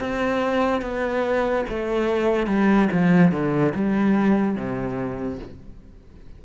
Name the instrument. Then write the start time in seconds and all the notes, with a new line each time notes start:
cello
0.00 C4
0.82 B3
1.70 A3
2.47 G3
2.92 F3
3.32 D3
3.75 G3
4.56 C3